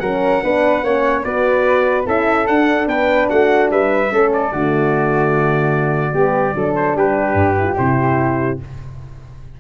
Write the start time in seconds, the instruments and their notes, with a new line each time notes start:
0.00 tuba F#3, horn C#4, flute A#4, trumpet F#5
0.43 tuba B3, horn D4, flute B4
0.84 tuba A#3, horn C#4, flute C#5
1.24 tuba B3, horn F#4, flute B4, trumpet D5
2.06 tuba C#4, horn E4, flute A4, trumpet E5
2.47 tuba D4, horn D4, trumpet F#5
2.87 tuba B3, flute B4, trumpet G5
3.30 tuba A3, flute F#4, trumpet F#5
3.71 tuba G3, flute B4, trumpet E5
4.10 tuba A3, horn C#4, flute A4
4.34 trumpet D5
4.52 tuba D3, horn A3, flute F#4
6.14 tuba G3, horn B3, flute G4
6.55 tuba F#3, horn D4, flute A4
6.76 trumpet C5
6.95 tuba G3, flute G4, trumpet B4
7.34 tuba G2
7.59 horn E4
7.66 horn F4
7.78 tuba C3, horn E4, trumpet C5